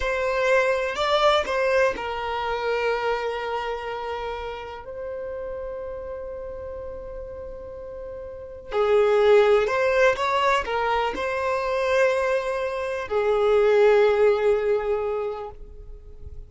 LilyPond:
\new Staff \with { instrumentName = "violin" } { \time 4/4 \tempo 4 = 124 c''2 d''4 c''4 | ais'1~ | ais'2 c''2~ | c''1~ |
c''2 gis'2 | c''4 cis''4 ais'4 c''4~ | c''2. gis'4~ | gis'1 | }